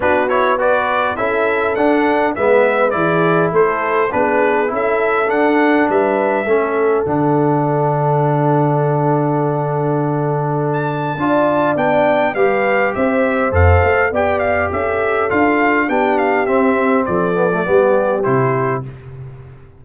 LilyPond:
<<
  \new Staff \with { instrumentName = "trumpet" } { \time 4/4 \tempo 4 = 102 b'8 cis''8 d''4 e''4 fis''4 | e''4 d''4 c''4 b'4 | e''4 fis''4 e''2 | fis''1~ |
fis''2~ fis''16 a''4.~ a''16 | g''4 f''4 e''4 f''4 | g''8 f''8 e''4 f''4 g''8 f''8 | e''4 d''2 c''4 | }
  \new Staff \with { instrumentName = "horn" } { \time 4/4 fis'4 b'4 a'2 | b'4 gis'4 a'4 gis'4 | a'2 b'4 a'4~ | a'1~ |
a'2. d''4~ | d''4 b'4 c''2 | d''4 a'2 g'4~ | g'4 a'4 g'2 | }
  \new Staff \with { instrumentName = "trombone" } { \time 4/4 d'8 e'8 fis'4 e'4 d'4 | b4 e'2 d'4 | e'4 d'2 cis'4 | d'1~ |
d'2. f'4 | d'4 g'2 a'4 | g'2 f'4 d'4 | c'4. b16 a16 b4 e'4 | }
  \new Staff \with { instrumentName = "tuba" } { \time 4/4 b2 cis'4 d'4 | gis4 e4 a4 b4 | cis'4 d'4 g4 a4 | d1~ |
d2. d'4 | b4 g4 c'4 f,8 a8 | b4 cis'4 d'4 b4 | c'4 f4 g4 c4 | }
>>